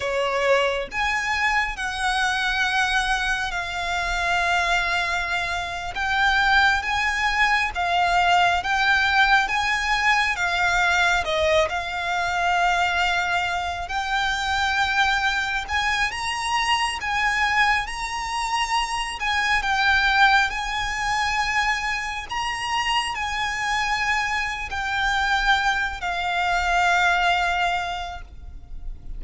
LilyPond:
\new Staff \with { instrumentName = "violin" } { \time 4/4 \tempo 4 = 68 cis''4 gis''4 fis''2 | f''2~ f''8. g''4 gis''16~ | gis''8. f''4 g''4 gis''4 f''16~ | f''8. dis''8 f''2~ f''8 g''16~ |
g''4.~ g''16 gis''8 ais''4 gis''8.~ | gis''16 ais''4. gis''8 g''4 gis''8.~ | gis''4~ gis''16 ais''4 gis''4.~ gis''16 | g''4. f''2~ f''8 | }